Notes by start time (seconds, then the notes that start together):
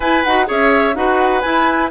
0.00 E4 B4 G#5
0.24 D#4 F#4 F#5
0.46 C#4 G#4 C#5 E5
0.94 D#4 F#4 B4 F#5
1.41 E4 G#5